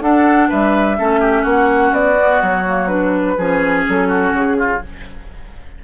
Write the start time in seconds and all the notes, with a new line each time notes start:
0.00 D4 A4 F#5
0.48 G3 B4 E5
0.97 A3 C#4 A4
1.20 G4
1.42 A#3 F#4 F#5
1.92 B3 D5
2.16 B3
2.42 F#3 C#5
2.66 A#3
2.87 D4 B4
3.37 F3 C#4 G#4
3.88 F#3 A4
4.08 F#4
4.32 C#3 G#4
4.58 F4